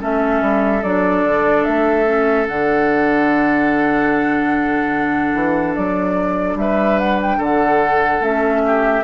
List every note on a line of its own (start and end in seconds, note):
0.00 0.41 A3
0.00 0.82 C#4
0.00 6.58 A4
0.00 0.83 E5
0.41 0.83 G3
0.83 1.24 F#3
0.83 2.06 D4
0.83 1.65 D5
1.24 1.65 D3
1.65 2.48 A3
1.65 2.47 E5
2.06 2.47 C#4
2.48 5.35 D3
2.48 8.22 D4
2.48 5.75 F#5
5.35 5.76 E3
5.75 6.55 F#3
5.75 6.57 D5
6.55 7.37 G3
6.55 6.99 E5
6.61 7.38 B4
6.99 7.20 F#5
7.22 7.43 G5
7.38 8.20 D3
7.38 8.61 A4
7.38 8.24 F#5
8.20 9.02 A3
8.20 9.04 C#4
8.20 9.04 E5
8.66 9.04 G4